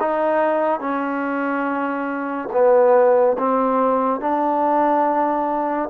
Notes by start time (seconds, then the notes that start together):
0.00 D#4
0.80 C#4
2.52 B3
3.38 C4
4.21 D4